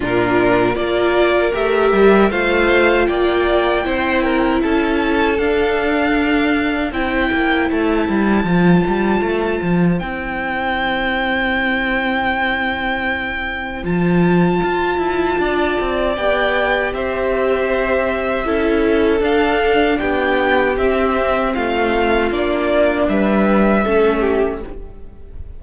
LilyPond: <<
  \new Staff \with { instrumentName = "violin" } { \time 4/4 \tempo 4 = 78 ais'4 d''4 e''4 f''4 | g''2 a''4 f''4~ | f''4 g''4 a''2~ | a''4 g''2.~ |
g''2 a''2~ | a''4 g''4 e''2~ | e''4 f''4 g''4 e''4 | f''4 d''4 e''2 | }
  \new Staff \with { instrumentName = "violin" } { \time 4/4 f'4 ais'2 c''4 | d''4 c''8 ais'8 a'2~ | a'4 c''2.~ | c''1~ |
c''1 | d''2 c''2 | a'2 g'2 | f'2 b'4 a'8 g'8 | }
  \new Staff \with { instrumentName = "viola" } { \time 4/4 d'4 f'4 g'4 f'4~ | f'4 e'2 d'4~ | d'4 e'2 f'4~ | f'4 e'2.~ |
e'2 f'2~ | f'4 g'2. | e'4 d'2 c'4~ | c'4 d'2 cis'4 | }
  \new Staff \with { instrumentName = "cello" } { \time 4/4 ais,4 ais4 a8 g8 a4 | ais4 c'4 cis'4 d'4~ | d'4 c'8 ais8 a8 g8 f8 g8 | a8 f8 c'2.~ |
c'2 f4 f'8 e'8 | d'8 c'8 b4 c'2 | cis'4 d'4 b4 c'4 | a4 ais4 g4 a4 | }
>>